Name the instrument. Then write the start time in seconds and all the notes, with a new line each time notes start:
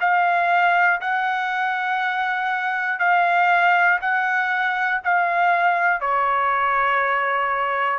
trumpet
0.00 F5
1.00 F#5
2.99 F5
4.00 F#5
5.04 F5
6.00 C#5